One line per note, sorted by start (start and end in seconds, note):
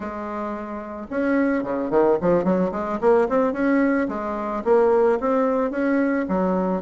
0.00 1.06 G#3
1.10 1.63 C#4
1.63 1.90 C#3
1.90 2.17 D#3
2.21 2.43 F3
2.43 2.71 F#3
2.71 2.99 G#3
3.00 3.28 A#3
3.29 3.53 C4
3.53 4.07 C#4
4.08 4.63 G#3
4.64 5.19 A#3
5.20 5.70 C4
5.70 6.25 C#4
6.28 6.82 F#3